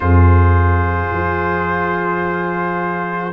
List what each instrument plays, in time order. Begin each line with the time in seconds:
0.00 tuba F2, trombone F4, horn G#4, trumpet C5
1.11 tuba F3